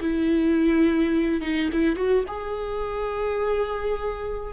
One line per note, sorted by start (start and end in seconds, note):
0.00 1.41 E4
1.41 1.69 D#4
1.72 1.96 E4
1.96 2.24 F#4
2.27 4.53 G#4